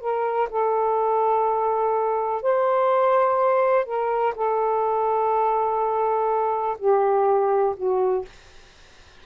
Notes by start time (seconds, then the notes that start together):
0.00 A#4
0.50 A4
2.42 C5
3.85 A#4
4.35 A4
6.78 G4
7.76 F#4